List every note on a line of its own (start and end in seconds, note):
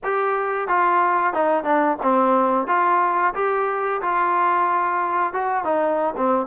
0.03 0.68 G4
0.68 1.33 F4
1.33 1.64 D#4
1.64 1.97 D4
2.02 2.67 C4
2.67 3.34 F4
3.34 4.01 G4
4.02 5.33 F4
5.33 5.64 F#4
5.64 6.14 D#4
6.17 6.46 C4